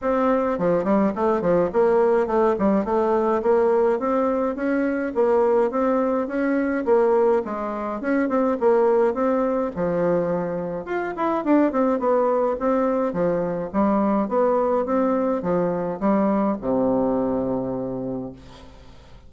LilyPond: \new Staff \with { instrumentName = "bassoon" } { \time 4/4 \tempo 4 = 105 c'4 f8 g8 a8 f8 ais4 | a8 g8 a4 ais4 c'4 | cis'4 ais4 c'4 cis'4 | ais4 gis4 cis'8 c'8 ais4 |
c'4 f2 f'8 e'8 | d'8 c'8 b4 c'4 f4 | g4 b4 c'4 f4 | g4 c2. | }